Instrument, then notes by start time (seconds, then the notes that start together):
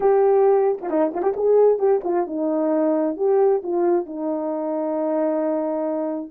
horn
0.00 G4
0.81 F4
0.90 D#4
1.13 F4
1.22 G4
1.36 G#4
1.78 G4
2.04 F4
2.26 D#4
3.17 G4
3.63 F4
4.06 D#4